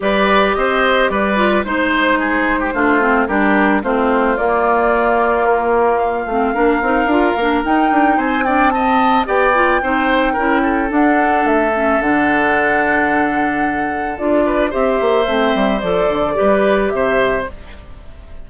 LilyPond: <<
  \new Staff \with { instrumentName = "flute" } { \time 4/4 \tempo 4 = 110 d''4 dis''4 d''4 c''4~ | c''2 ais'4 c''4 | d''2 ais'4 f''4~ | f''2 g''4 gis''8 g''8 |
a''4 g''2. | fis''4 e''4 fis''2~ | fis''2 d''4 e''4~ | e''4 d''2 e''4 | }
  \new Staff \with { instrumentName = "oboe" } { \time 4/4 b'4 c''4 b'4 c''4 | gis'8. g'16 f'4 g'4 f'4~ | f'1 | ais'2. c''8 d''8 |
dis''4 d''4 c''4 ais'8 a'8~ | a'1~ | a'2~ a'8 b'8 c''4~ | c''2 b'4 c''4 | }
  \new Staff \with { instrumentName = "clarinet" } { \time 4/4 g'2~ g'8 f'8 dis'4~ | dis'4 d'8 c'8 d'4 c'4 | ais2.~ ais8 c'8 | d'8 dis'8 f'8 d'8 dis'4. d'8 |
c'4 g'8 f'8 dis'4 e'4 | d'4. cis'8 d'2~ | d'2 f'4 g'4 | c'4 a'4 g'2 | }
  \new Staff \with { instrumentName = "bassoon" } { \time 4/4 g4 c'4 g4 gis4~ | gis4 a4 g4 a4 | ais2.~ ais8 a8 | ais8 c'8 d'8 ais8 dis'8 d'8 c'4~ |
c'4 b4 c'4 cis'4 | d'4 a4 d2~ | d2 d'4 c'8 ais8 | a8 g8 f8 d8 g4 c4 | }
>>